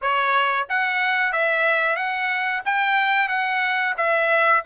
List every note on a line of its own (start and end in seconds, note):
0.01 0.67 C#5
0.69 1.32 F#5
1.32 1.96 E5
1.96 2.62 F#5
2.65 3.28 G5
3.28 3.94 F#5
3.97 4.63 E5